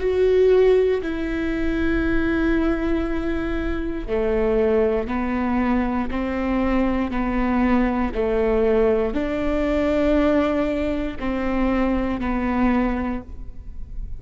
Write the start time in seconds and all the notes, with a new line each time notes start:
0.00 F#4
1.03 E4
4.08 A3
5.08 B3
6.11 C4
7.11 B3
8.15 A3
9.14 D4
11.20 C4
12.20 B3